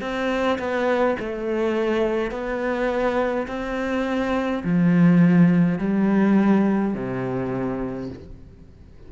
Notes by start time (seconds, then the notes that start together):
0.00 C4
0.58 B3
1.19 A3
2.31 B3
3.47 C4
4.64 F3
5.78 G3
6.94 C3